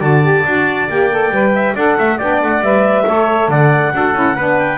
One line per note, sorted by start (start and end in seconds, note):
0.00 0.44 D3
0.00 0.22 F#4
0.00 1.52 D5
0.00 0.88 A5
0.22 0.44 G4
0.45 0.88 D4
0.45 0.88 F#4
0.89 1.31 A#3
0.89 1.10 G4
0.89 1.76 G5
1.10 1.32 A4
1.31 1.74 G3
1.31 1.75 B4
1.55 1.75 E5
1.75 1.97 D4
1.75 2.19 A4
1.75 1.97 D5
1.75 2.18 F#5
1.99 2.21 A3
1.99 2.18 E5
2.18 2.42 B3
2.18 2.63 D4
2.18 3.05 D5
2.18 2.40 G5
2.42 2.61 A3
2.42 2.63 F#5
2.61 3.04 G3
2.61 3.06 B4
2.61 3.50 E5
3.06 3.48 A3
3.06 3.93 A4
3.06 3.50 C#5
3.48 3.92 D3
3.48 3.93 D5
3.48 4.58 F#5
3.94 4.14 D4
3.94 4.14 F#4
3.94 4.36 A4
4.14 4.36 C#4
4.14 4.36 E4
4.36 4.78 B3
4.36 4.78 D4
4.36 4.78 B4
4.58 4.78 G5